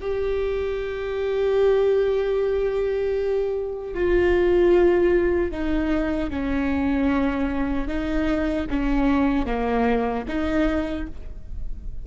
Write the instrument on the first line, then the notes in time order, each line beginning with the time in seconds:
viola
0.00 G4
3.94 F4
5.51 D#4
6.30 C#4
7.87 D#4
8.70 C#4
9.46 A#3
10.28 D#4